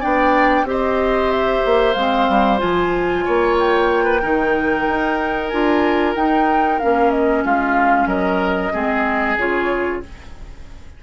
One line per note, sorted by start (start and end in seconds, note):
0.00 0.63 B3
0.00 0.65 D4
0.00 0.65 D5
0.00 0.67 G5
0.63 1.60 C4
0.63 1.94 G4
0.70 3.25 C5
0.70 1.31 D#5
1.31 1.94 E5
1.65 1.95 A#3
1.94 2.27 G#3
1.94 2.58 C4
1.94 2.58 F5
2.28 2.61 G3
2.58 3.27 F3
2.58 4.19 F4
2.58 3.56 G#5
3.25 4.24 A#3
3.25 4.04 C#5
3.59 5.49 G5
4.04 4.20 B4
4.22 4.88 D#3
4.22 5.51 D#4
4.22 7.44 A#4
4.88 5.52 D#4
5.49 6.15 D4
5.49 6.16 F4
5.49 6.13 G#5
6.15 6.79 D#4
6.15 6.80 D#4
6.15 6.79 G5
6.79 7.44 A#3
6.79 8.73 C#4
6.79 7.10 F5
7.10 7.43 D#5
7.44 8.06 G#3
7.44 8.08 F4
7.44 8.08 F5
8.06 8.70 F#3
8.06 8.72 A#4
8.06 9.37 D#5
8.73 9.37 G#3
8.73 9.37 C4
8.73 10.02 G#4
9.37 10.01 C#3
9.37 10.03 F4
9.37 10.03 C#5